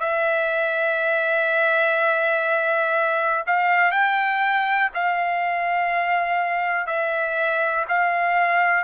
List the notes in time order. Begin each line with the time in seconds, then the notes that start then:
0.00 E5
3.46 F5
3.92 G5
4.94 F5
6.87 E5
7.89 F5